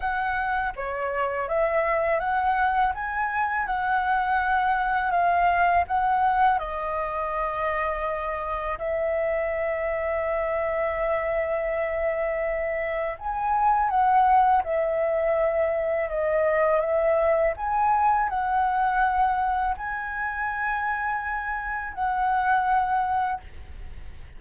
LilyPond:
\new Staff \with { instrumentName = "flute" } { \time 4/4 \tempo 4 = 82 fis''4 cis''4 e''4 fis''4 | gis''4 fis''2 f''4 | fis''4 dis''2. | e''1~ |
e''2 gis''4 fis''4 | e''2 dis''4 e''4 | gis''4 fis''2 gis''4~ | gis''2 fis''2 | }